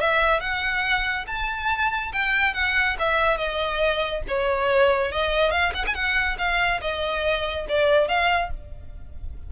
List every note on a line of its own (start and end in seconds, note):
0.00 0.40 E5
0.40 1.25 F#5
1.26 2.12 A5
2.12 2.53 G5
2.53 2.96 F#5
2.99 3.37 E5
3.37 4.22 D#5
4.27 5.11 C#5
5.11 5.51 D#5
5.51 5.72 F5
5.74 5.85 F#5
5.86 5.94 G#5
5.94 6.37 F#5
6.38 6.80 F5
6.81 7.66 D#5
7.68 8.08 D5
8.08 8.50 F5